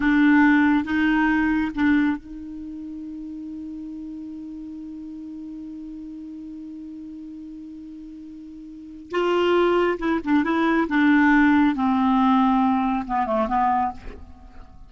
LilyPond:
\new Staff \with { instrumentName = "clarinet" } { \time 4/4 \tempo 4 = 138 d'2 dis'2 | d'4 dis'2.~ | dis'1~ | dis'1~ |
dis'1~ | dis'4 f'2 e'8 d'8 | e'4 d'2 c'4~ | c'2 b8 a8 b4 | }